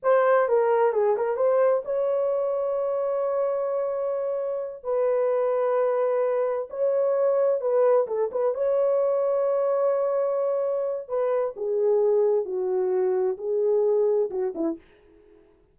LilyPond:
\new Staff \with { instrumentName = "horn" } { \time 4/4 \tempo 4 = 130 c''4 ais'4 gis'8 ais'8 c''4 | cis''1~ | cis''2~ cis''8 b'4.~ | b'2~ b'8 cis''4.~ |
cis''8 b'4 a'8 b'8 cis''4.~ | cis''1 | b'4 gis'2 fis'4~ | fis'4 gis'2 fis'8 e'8 | }